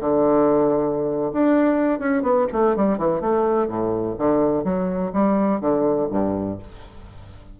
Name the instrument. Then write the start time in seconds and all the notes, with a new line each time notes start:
bassoon
0.00 D3
1.33 D4
1.99 C#4
2.23 B3
2.52 A3
2.76 G3
2.98 E3
3.21 A3
3.68 A2
4.18 D3
4.64 F#3
5.13 G3
5.60 D3
6.10 G2